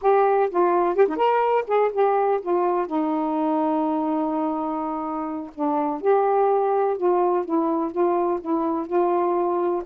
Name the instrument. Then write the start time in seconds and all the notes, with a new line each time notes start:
saxophone
0.01 G4
0.50 F4
0.95 G4
1.08 D#4
1.16 A#4
1.67 G#4
1.92 G4
2.41 F4
2.87 D#4
5.54 D4
6.01 G4
6.97 F4
7.45 E4
7.91 F4
8.40 E4
8.86 F4